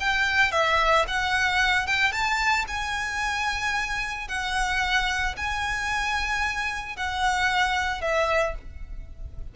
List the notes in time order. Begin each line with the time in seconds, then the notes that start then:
0.00 G5
0.52 E5
1.08 F#5
1.87 G5
2.12 A5
2.68 G#5
4.28 F#5
5.37 G#5
6.96 F#5
8.01 E5